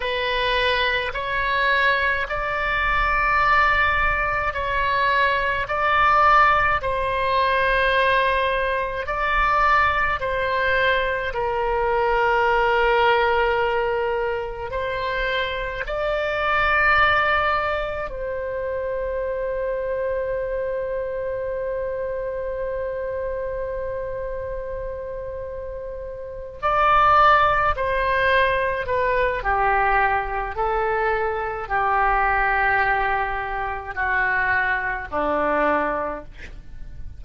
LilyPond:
\new Staff \with { instrumentName = "oboe" } { \time 4/4 \tempo 4 = 53 b'4 cis''4 d''2 | cis''4 d''4 c''2 | d''4 c''4 ais'2~ | ais'4 c''4 d''2 |
c''1~ | c''2.~ c''8 d''8~ | d''8 c''4 b'8 g'4 a'4 | g'2 fis'4 d'4 | }